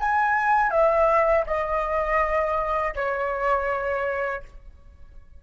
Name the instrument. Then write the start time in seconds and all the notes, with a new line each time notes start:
flute
0.00 G#5
0.70 E5
1.46 D#5
2.95 C#5